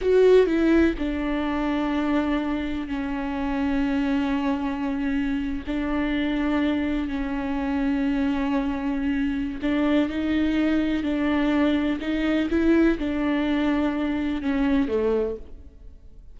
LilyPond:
\new Staff \with { instrumentName = "viola" } { \time 4/4 \tempo 4 = 125 fis'4 e'4 d'2~ | d'2 cis'2~ | cis'2.~ cis'8. d'16~ | d'2~ d'8. cis'4~ cis'16~ |
cis'1 | d'4 dis'2 d'4~ | d'4 dis'4 e'4 d'4~ | d'2 cis'4 a4 | }